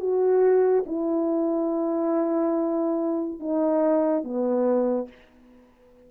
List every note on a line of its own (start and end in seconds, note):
0.00 0.85 F#4
0.86 3.40 E4
3.40 4.24 D#4
4.24 5.08 B3